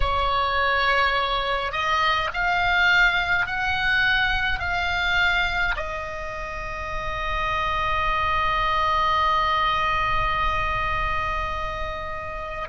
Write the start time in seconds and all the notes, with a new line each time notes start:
0.00 C#5
1.72 D#5
2.33 F5
3.46 F#5
4.59 F5
5.76 D#5